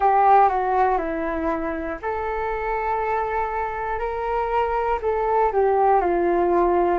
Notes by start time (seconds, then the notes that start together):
0.00 G4
0.48 F#4
0.97 E4
2.01 A4
3.99 A#4
5.02 A4
5.52 G4
6.00 F4